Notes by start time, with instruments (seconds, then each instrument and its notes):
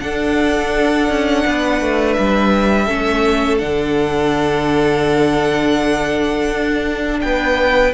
0.00 viola D4, cello D4, violin A4 F#5
1.09 cello C#4
1.46 cello B3, violin B4
1.81 cello A3
2.13 cello G3, violin E5
2.85 cello A3, viola C#4, violin A4
3.59 cello D3, viola D4, violin F#5
6.50 cello D4
7.21 cello B3, violin B4 G5